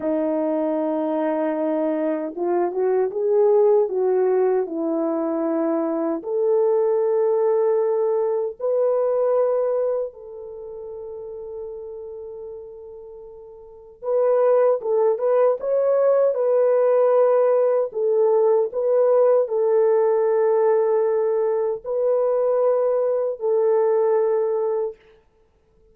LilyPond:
\new Staff \with { instrumentName = "horn" } { \time 4/4 \tempo 4 = 77 dis'2. f'8 fis'8 | gis'4 fis'4 e'2 | a'2. b'4~ | b'4 a'2.~ |
a'2 b'4 a'8 b'8 | cis''4 b'2 a'4 | b'4 a'2. | b'2 a'2 | }